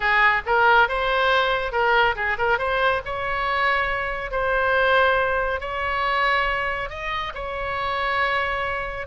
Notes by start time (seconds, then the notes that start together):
0.00 G#4
0.46 A#4
0.88 C5
1.71 A#4
2.15 G#4
2.37 A#4
2.58 C5
3.05 C#5
4.31 C5
5.60 C#5
6.89 D#5
7.34 C#5